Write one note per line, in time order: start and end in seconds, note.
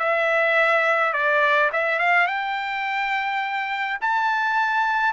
0.00 1.13 E5
1.13 1.70 D5
1.73 1.99 E5
1.99 2.28 F5
2.28 3.99 G5
4.01 5.14 A5